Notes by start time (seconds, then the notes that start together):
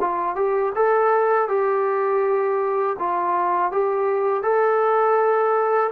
0.00 F4
0.36 G4
0.75 A4
1.48 G4
2.99 F4
3.72 G4
4.43 A4